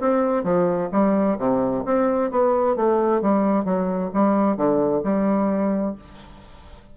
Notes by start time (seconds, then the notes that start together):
0.00 C4
0.44 F3
0.92 G3
1.38 C3
1.85 C4
2.31 B3
2.76 A3
3.22 G3
3.65 F#3
4.14 G3
4.57 D3
5.04 G3